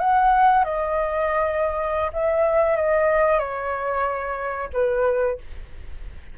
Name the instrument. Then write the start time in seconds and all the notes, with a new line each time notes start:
flute
0.00 F#5
0.64 D#5
2.13 E5
2.77 D#5
3.39 C#5
4.73 B4